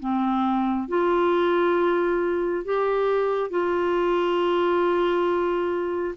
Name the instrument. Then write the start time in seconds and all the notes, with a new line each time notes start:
clarinet
0.00 C4
0.88 F4
2.65 G4
3.51 F4